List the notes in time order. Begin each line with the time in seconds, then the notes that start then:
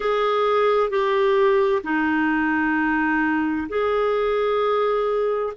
0.00 G#4
0.90 G4
1.83 D#4
3.68 G#4